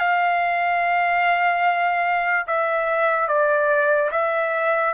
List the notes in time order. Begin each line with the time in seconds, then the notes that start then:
0.00 F5
2.47 E5
3.28 D5
4.12 E5